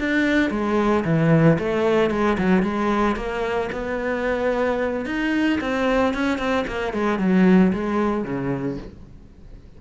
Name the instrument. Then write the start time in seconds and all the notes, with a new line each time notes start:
cello
0.00 D4
0.51 G#3
1.05 E3
1.59 A3
2.11 G#3
2.38 F#3
2.62 G#3
3.16 A#3
3.72 B3
5.06 D#4
5.61 C4
6.15 C#4
6.39 C4
6.68 A#3
6.94 G#3
7.19 F#3
7.74 G#3
8.24 C#3